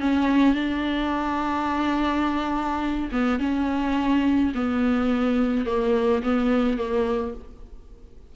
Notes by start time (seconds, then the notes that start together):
0.00 C#4
0.54 D4
3.11 B3
3.39 C#4
4.54 B3
5.66 A#3
6.23 B3
6.77 A#3